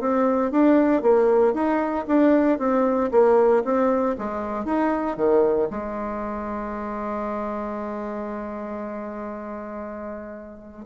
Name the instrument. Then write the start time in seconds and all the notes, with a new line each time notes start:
bassoon
0.00 C4
0.51 D4
1.02 A#3
1.53 D#4
2.07 D4
2.59 C4
3.11 A#3
3.64 C4
4.18 G#3
4.65 D#4
5.16 D#3
5.70 G#3